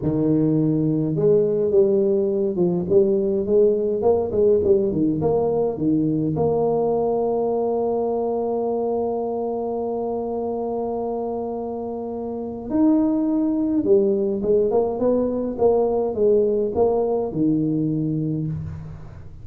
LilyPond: \new Staff \with { instrumentName = "tuba" } { \time 4/4 \tempo 4 = 104 dis2 gis4 g4~ | g8 f8 g4 gis4 ais8 gis8 | g8 dis8 ais4 dis4 ais4~ | ais1~ |
ais1~ | ais2 dis'2 | g4 gis8 ais8 b4 ais4 | gis4 ais4 dis2 | }